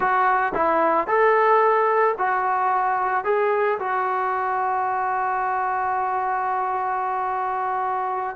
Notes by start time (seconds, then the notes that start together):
0.00 F#4
0.54 E4
1.07 A4
2.17 F#4
3.24 G#4
3.79 F#4